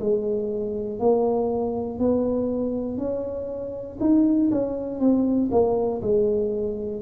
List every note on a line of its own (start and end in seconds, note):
0.00 1.00 G#3
1.00 2.00 A#3
2.00 2.98 B3
2.98 3.98 C#4
4.00 4.50 D#4
4.52 5.00 C#4
5.00 5.50 C4
5.51 6.01 A#3
6.02 7.02 G#3